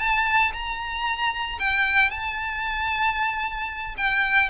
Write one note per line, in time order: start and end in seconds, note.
0.00 0.53 A5
0.54 1.59 A#5
1.60 2.11 G5
2.11 3.95 A5
3.98 4.50 G5